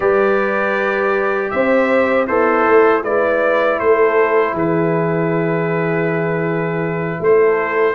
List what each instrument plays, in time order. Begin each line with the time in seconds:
0.00 tuba G3, trombone G4, horn B4, trumpet D5
1.50 tuba C4, horn C5, trumpet E5
2.27 tuba B3, horn E4, trombone A4, trumpet C5
2.67 tuba A3
3.02 tuba G#3, trombone E4, horn B4, trumpet D5
3.79 tuba A3, horn A4, trumpet C5
4.53 tuba E3, horn G#4, trumpet B4
7.19 tuba A3, horn A4, trumpet C5